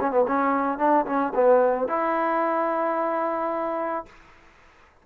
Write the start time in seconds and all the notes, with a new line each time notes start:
0.00 C#4
0.11 B3
0.27 C#4
0.78 D4
1.05 C#4
1.34 B3
1.87 E4